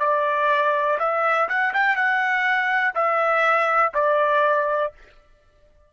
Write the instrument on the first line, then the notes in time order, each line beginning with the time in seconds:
trumpet
0.00 D5
0.99 E5
1.49 F#5
1.74 G5
1.96 F#5
2.95 E5
3.94 D5